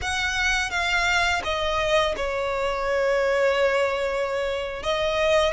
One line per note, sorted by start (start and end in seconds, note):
0.01 0.70 F#5
0.70 1.42 F5
1.44 2.15 D#5
2.16 4.82 C#5
4.82 5.53 D#5